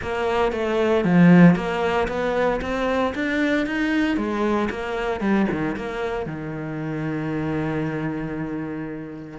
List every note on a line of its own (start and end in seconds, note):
0.01 0.52 A#3
0.52 1.04 A3
1.04 1.55 F3
1.55 2.07 A#3
2.08 2.60 B3
2.61 3.13 C4
3.14 3.66 D4
3.66 4.16 D#4
4.16 4.69 G#3
4.70 5.20 A#3
5.20 5.46 G3
5.51 5.76 D#3
5.76 6.25 A#3
6.25 9.38 D#3